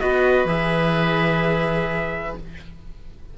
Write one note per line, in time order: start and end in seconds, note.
0.00 0.45 B3
0.00 0.48 F#4
0.00 2.38 B4
0.00 0.47 D#5
0.45 2.34 E3
0.45 2.37 G#4
0.45 2.37 E5